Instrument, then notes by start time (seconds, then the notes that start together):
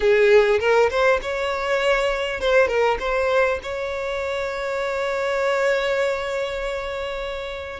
violin
0.00 G#4
0.59 A#4
0.89 C5
1.22 C#5
2.40 C5
2.67 A#4
2.99 C5
3.62 C#5